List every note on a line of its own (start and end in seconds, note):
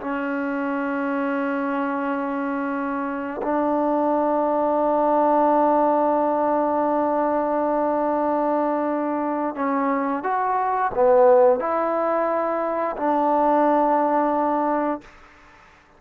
0.00 3.41 C#4
3.42 9.55 D4
9.55 10.23 C#4
10.23 10.91 F#4
10.94 11.59 B3
11.59 12.95 E4
12.96 15.01 D4